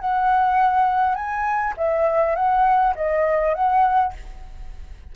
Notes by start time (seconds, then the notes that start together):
0.00 F#5
1.15 G#5
1.77 E5
2.36 F#5
2.96 D#5
3.55 F#5